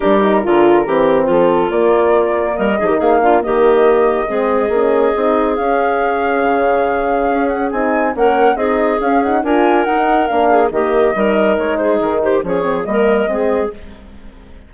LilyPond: <<
  \new Staff \with { instrumentName = "flute" } { \time 4/4 \tempo 4 = 140 ais'2. a'4 | d''2 dis''4 f''4 | dis''1~ | dis''4 f''2.~ |
f''4. fis''8 gis''4 fis''4 | dis''4 f''8 fis''8 gis''4 fis''4 | f''4 dis''2 cis''8 c''8 | ais'8 c''8 cis''4 dis''2 | }
  \new Staff \with { instrumentName = "clarinet" } { \time 4/4 g'4 f'4 g'4 f'4~ | f'2 ais'8 gis'16 g'16 gis'8 f'8 | g'2 gis'2~ | gis'1~ |
gis'2. ais'4 | gis'2 ais'2~ | ais'8 gis'8 g'4 ais'4. gis'8~ | gis'8 g'8 gis'4 ais'4 gis'4 | }
  \new Staff \with { instrumentName = "horn" } { \time 4/4 d'8 dis'8 f'4 c'2 | ais2~ ais8 dis'4 d'8 | ais2 c'4 cis'4 | dis'4 cis'2.~ |
cis'2 dis'4 cis'4 | dis'4 cis'8 dis'8 f'4 dis'4 | d'4 ais4 dis'2~ | dis'4 cis'8 c'8 ais4 c'4 | }
  \new Staff \with { instrumentName = "bassoon" } { \time 4/4 g4 d4 e4 f4 | ais2 g8 f16 dis16 ais4 | dis2 gis4 ais4 | c'4 cis'2 cis4~ |
cis4 cis'4 c'4 ais4 | c'4 cis'4 d'4 dis'4 | ais4 dis4 g4 gis4 | dis4 f4 g4 gis4 | }
>>